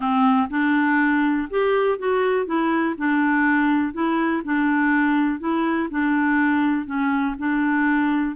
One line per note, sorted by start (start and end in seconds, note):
0.00 0.47 C4
0.50 1.48 D4
1.50 1.98 G4
1.98 2.46 F#4
2.46 2.95 E4
2.97 3.93 D4
3.93 4.42 E4
4.44 5.39 D4
5.39 5.88 E4
5.90 6.86 D4
6.86 7.35 C#4
7.38 8.35 D4